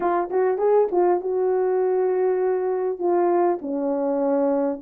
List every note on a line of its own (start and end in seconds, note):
0.00 0.29 F4
0.30 0.58 F#4
0.58 0.88 G#4
0.91 1.20 F4
1.20 2.98 F#4
2.98 3.58 F4
3.61 4.81 C#4